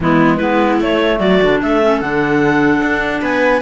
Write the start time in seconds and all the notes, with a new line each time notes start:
0.00 E3 G#3 B3 E4
0.37 G#3 B3 E4 B4
0.80 A3 C#5
1.19 F#3 F#4 D5
1.42 D3 D4
1.62 A3 A4 E5
1.82 C#4
2.00 D3 D4 F#5
2.81 D4
3.21 B3 B4 G#5